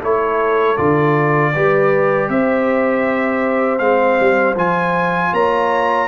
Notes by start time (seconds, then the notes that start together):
0.00 A3 E4 A4 C#5
0.77 D3 F4 D5
1.54 G3 G4 B4
2.29 C4 C5 E5
3.79 G#3 C4 F5
4.20 G3
4.56 F3 F4 G#5
5.33 A#3 C#5 A#5